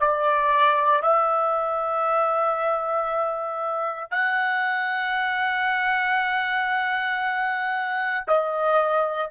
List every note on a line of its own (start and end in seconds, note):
0.00 1.03 D5
1.03 4.11 E5
4.11 8.25 F#5
8.28 9.31 D#5